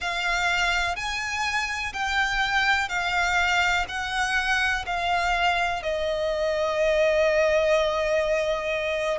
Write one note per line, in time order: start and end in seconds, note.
0.00 0.95 F5
0.95 1.92 G#5
1.93 2.89 G5
2.89 3.85 F5
3.88 4.85 F#5
4.86 5.82 F5
5.82 9.18 D#5